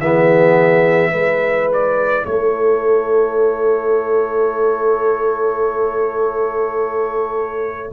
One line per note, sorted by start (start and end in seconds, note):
0.00 1.12 E3
0.00 1.12 B3
0.00 1.11 G#4
0.00 1.70 E5
1.11 2.25 G#3
1.11 7.91 E4
1.11 2.25 B4
1.73 2.25 D5
2.25 7.92 A3
2.25 7.93 A4
2.25 7.92 C#5